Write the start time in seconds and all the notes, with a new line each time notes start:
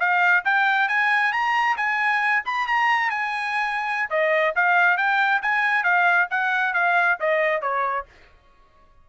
0.00 F5
0.45 G5
0.89 G#5
1.33 A#5
1.77 G#5
2.45 B5
2.67 A#5
3.10 G#5
4.10 D#5
4.56 F5
4.98 G5
5.42 G#5
5.84 F5
6.31 F#5
6.74 F5
7.20 D#5
7.62 C#5